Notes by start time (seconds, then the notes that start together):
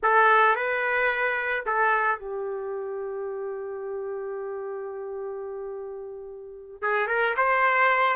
0.02 A4
0.55 B4
1.66 A4
2.19 G4
6.81 G#4
7.07 A#4
7.36 C5